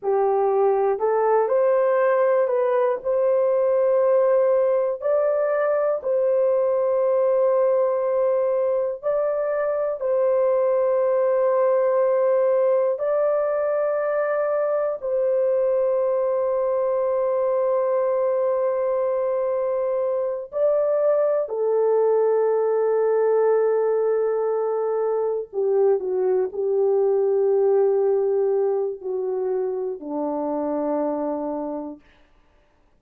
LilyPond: \new Staff \with { instrumentName = "horn" } { \time 4/4 \tempo 4 = 60 g'4 a'8 c''4 b'8 c''4~ | c''4 d''4 c''2~ | c''4 d''4 c''2~ | c''4 d''2 c''4~ |
c''1~ | c''8 d''4 a'2~ a'8~ | a'4. g'8 fis'8 g'4.~ | g'4 fis'4 d'2 | }